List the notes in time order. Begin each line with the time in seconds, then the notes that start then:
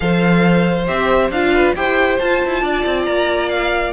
0.00 F3 A4 C5 F5
0.87 C4 G4 E5
1.29 D4 F4 F5
1.53 B4
1.75 E4 G4 C5 G5
2.19 F4 A5
2.45 E4
2.62 D4 D5
2.85 C4
3.05 A#3 A#5
3.49 F5